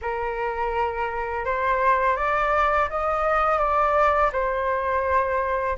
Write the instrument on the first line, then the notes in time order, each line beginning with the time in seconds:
flute
0.01 A#4
1.45 C5
2.16 D5
2.89 D#5
3.58 D5
4.32 C5